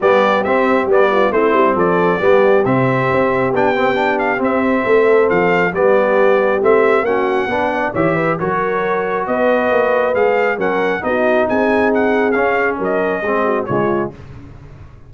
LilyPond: <<
  \new Staff \with { instrumentName = "trumpet" } { \time 4/4 \tempo 4 = 136 d''4 e''4 d''4 c''4 | d''2 e''2 | g''4. f''8 e''2 | f''4 d''2 e''4 |
fis''2 e''4 cis''4~ | cis''4 dis''2 f''4 | fis''4 dis''4 gis''4 fis''4 | f''4 dis''2 cis''4 | }
  \new Staff \with { instrumentName = "horn" } { \time 4/4 g'2~ g'8 f'8 e'4 | a'4 g'2.~ | g'2. a'4~ | a'4 g'2. |
fis'4 b'8 d''8 cis''8 b'8 ais'4~ | ais'4 b'2. | ais'4 fis'4 gis'2~ | gis'4 ais'4 gis'8 fis'8 f'4 | }
  \new Staff \with { instrumentName = "trombone" } { \time 4/4 b4 c'4 b4 c'4~ | c'4 b4 c'2 | d'8 c'8 d'4 c'2~ | c'4 b2 c'4 |
cis'4 d'4 g'4 fis'4~ | fis'2. gis'4 | cis'4 dis'2. | cis'2 c'4 gis4 | }
  \new Staff \with { instrumentName = "tuba" } { \time 4/4 g4 c'4 g4 a8 g8 | f4 g4 c4 c'4 | b2 c'4 a4 | f4 g2 a4 |
ais4 b4 e4 fis4~ | fis4 b4 ais4 gis4 | fis4 b4 c'2 | cis'4 fis4 gis4 cis4 | }
>>